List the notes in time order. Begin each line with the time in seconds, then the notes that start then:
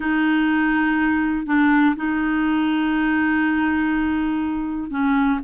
0.00 D#4
1.46 D4
1.96 D#4
4.90 C#4